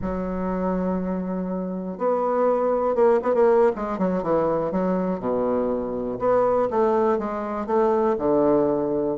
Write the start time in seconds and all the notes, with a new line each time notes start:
0.01 F#3
1.97 B3
2.95 A#3
3.22 B3
3.34 A#3
3.75 G#3
3.98 F#3
4.22 E3
4.71 F#3
5.19 B2
6.19 B3
6.70 A3
7.18 G#3
7.66 A3
8.18 D3